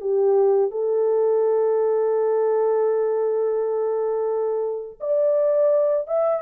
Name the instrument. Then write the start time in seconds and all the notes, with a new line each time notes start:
horn
0.00 G4
0.70 A4
5.00 D5
6.07 E5